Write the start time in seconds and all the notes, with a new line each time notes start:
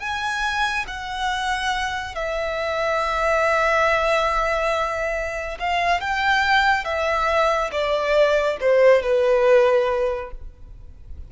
0.00 G#5
0.88 F#5
2.15 E5
5.59 F5
6.01 G5
6.85 E5
7.72 D5
8.61 C5
9.03 B4